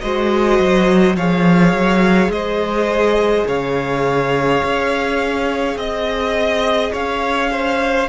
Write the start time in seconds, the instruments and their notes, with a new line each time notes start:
0.00 cello G#3, viola F#4, violin C5 D#5
0.59 cello F#3
1.15 cello F3, viola G#4, violin C#5 F5
1.73 cello F#3
2.28 cello G#3, violin C5 D#5
3.47 cello C#3, violin C#5 F5
4.63 cello C#4
5.76 cello C4, violin D#5
6.92 cello C#4, violin C#5 F5
7.51 violin C5